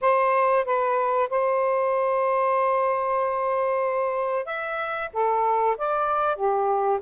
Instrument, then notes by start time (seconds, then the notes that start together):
saxophone
0.01 C5
0.65 B4
1.29 C5
4.45 E5
5.13 A4
5.77 D5
6.35 G4